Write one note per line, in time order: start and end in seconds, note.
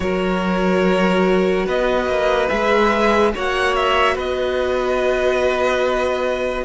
0.00 1.66 F#3
0.00 2.48 F#4
0.00 1.65 A#4
0.00 1.67 C#5
1.65 2.07 B3
1.65 3.32 B4
1.65 2.48 D#5
2.07 2.48 A#3
2.48 3.34 G#3
2.48 3.32 G#4
2.48 3.32 E5
3.34 4.16 A#3
3.34 6.65 F#4
3.34 4.14 C#5
3.34 3.75 F#5
3.75 4.17 E5
4.14 6.65 B3
4.14 6.64 B4
4.14 6.65 D#5